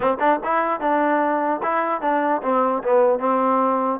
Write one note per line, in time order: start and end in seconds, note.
0.00 0.17 C4
0.19 0.40 D4
0.43 0.80 E4
0.80 1.61 D4
1.62 2.01 E4
2.01 2.41 D4
2.42 2.82 C4
2.83 3.19 B3
3.19 3.99 C4